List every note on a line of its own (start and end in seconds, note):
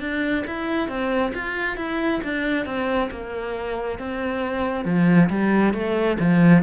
0.00 0.44 D4
0.47 0.88 E4
0.88 1.32 C4
1.34 1.77 F4
1.77 2.21 E4
2.23 2.65 D4
2.65 3.09 C4
3.10 3.99 A#3
3.99 4.84 C4
4.84 5.29 F3
5.29 5.73 G3
5.73 6.17 A3
6.19 6.63 F3